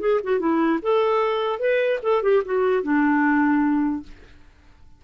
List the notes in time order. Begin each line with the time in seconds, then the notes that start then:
0.00 G#4
0.23 F#4
0.39 E4
0.82 A4
1.59 B4
2.02 A4
2.22 G4
2.45 F#4
2.83 D4